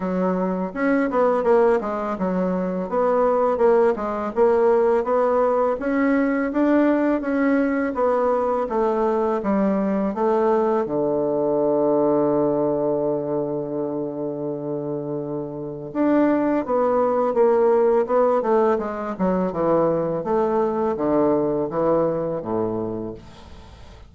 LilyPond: \new Staff \with { instrumentName = "bassoon" } { \time 4/4 \tempo 4 = 83 fis4 cis'8 b8 ais8 gis8 fis4 | b4 ais8 gis8 ais4 b4 | cis'4 d'4 cis'4 b4 | a4 g4 a4 d4~ |
d1~ | d2 d'4 b4 | ais4 b8 a8 gis8 fis8 e4 | a4 d4 e4 a,4 | }